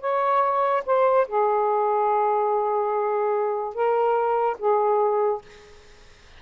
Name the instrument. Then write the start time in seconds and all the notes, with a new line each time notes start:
saxophone
0.00 C#5
0.86 C5
1.28 G#4
3.74 A#4
4.59 G#4